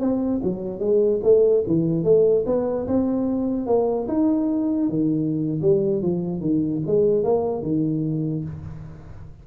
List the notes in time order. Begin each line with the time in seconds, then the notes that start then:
0.00 C4
0.43 F#3
0.79 G#3
1.23 A3
1.67 E3
2.04 A3
2.46 B3
2.87 C4
3.66 A#3
4.08 D#4
4.89 D#3
5.62 G3
6.02 F3
6.40 D#3
6.86 G#3
7.24 A#3
7.63 D#3